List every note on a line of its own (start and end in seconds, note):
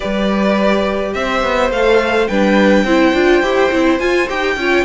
0.00 1.14 G3
0.00 1.71 G4
0.00 1.13 B4
0.00 1.13 D5
1.13 1.43 C4
1.13 2.29 C5
1.13 1.70 E5
1.43 1.70 B3
1.70 2.27 A3
1.70 2.30 A4
1.70 2.27 F5
2.27 2.84 G3
2.27 2.86 D4
2.27 2.84 B4
2.27 3.99 G5
2.84 3.13 C4
2.84 3.14 E4
2.84 4.55 C5
3.13 3.41 D4
3.13 3.43 F4
3.41 3.70 E4
3.41 3.71 G4
3.71 4.00 C4
3.71 3.99 E4
3.99 4.27 F4
3.99 4.28 F4
3.99 4.27 G#5
4.28 4.56 D#4
4.28 4.57 G4
4.28 4.84 G5
4.56 4.84 C#4
4.56 4.84 F4
4.56 4.84 C#5